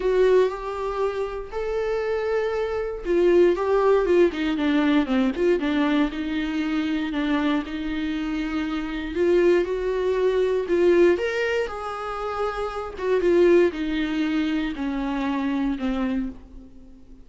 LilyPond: \new Staff \with { instrumentName = "viola" } { \time 4/4 \tempo 4 = 118 fis'4 g'2 a'4~ | a'2 f'4 g'4 | f'8 dis'8 d'4 c'8 f'8 d'4 | dis'2 d'4 dis'4~ |
dis'2 f'4 fis'4~ | fis'4 f'4 ais'4 gis'4~ | gis'4. fis'8 f'4 dis'4~ | dis'4 cis'2 c'4 | }